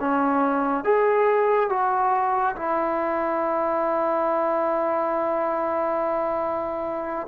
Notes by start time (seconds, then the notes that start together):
0.00 C#4
0.85 G#4
1.70 F#4
2.56 E4